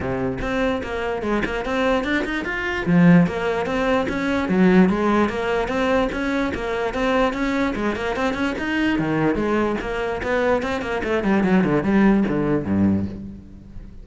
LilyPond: \new Staff \with { instrumentName = "cello" } { \time 4/4 \tempo 4 = 147 c4 c'4 ais4 gis8 ais8 | c'4 d'8 dis'8 f'4 f4 | ais4 c'4 cis'4 fis4 | gis4 ais4 c'4 cis'4 |
ais4 c'4 cis'4 gis8 ais8 | c'8 cis'8 dis'4 dis4 gis4 | ais4 b4 c'8 ais8 a8 g8 | fis8 d8 g4 d4 g,4 | }